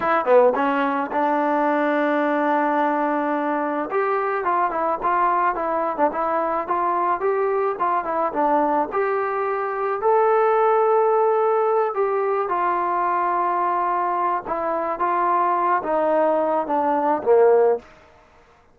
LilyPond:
\new Staff \with { instrumentName = "trombone" } { \time 4/4 \tempo 4 = 108 e'8 b8 cis'4 d'2~ | d'2. g'4 | f'8 e'8 f'4 e'8. d'16 e'4 | f'4 g'4 f'8 e'8 d'4 |
g'2 a'2~ | a'4. g'4 f'4.~ | f'2 e'4 f'4~ | f'8 dis'4. d'4 ais4 | }